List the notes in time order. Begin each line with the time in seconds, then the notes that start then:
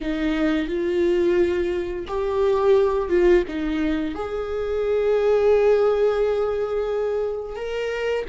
0.01 D#4
0.68 F4
2.07 G4
3.09 F4
3.48 D#4
4.14 G#4
7.55 A#4